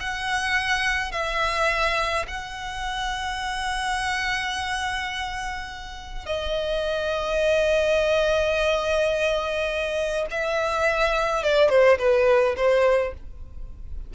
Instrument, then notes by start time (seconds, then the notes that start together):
violin
0.00 F#5
1.11 E5
2.28 F#5
6.26 D#5
10.30 E5
11.43 D5
11.69 C5
11.98 B4
12.57 C5